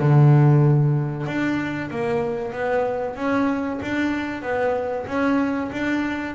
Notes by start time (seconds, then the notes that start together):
0.00 D3
1.27 D4
1.91 A#3
2.53 B3
3.16 C#4
3.82 D4
4.43 B3
5.07 C#4
5.72 D4